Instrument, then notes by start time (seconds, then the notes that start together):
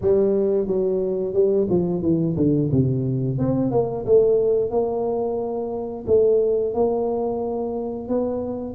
tuba
0.01 G3
0.67 F#3
1.33 G3
1.69 F3
2.01 E3
2.36 D3
2.72 C3
3.38 C4
3.71 A#3
4.05 A3
4.70 A#3
6.06 A3
6.74 A#3
8.08 B3